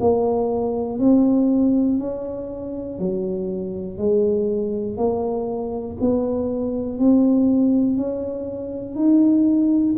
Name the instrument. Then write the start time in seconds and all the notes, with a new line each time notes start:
tuba
0.00 A#3
0.99 C4
1.99 C#4
2.99 F#3
3.97 G#3
4.97 A#3
6.00 B3
6.99 C4
7.96 C#4
8.95 D#4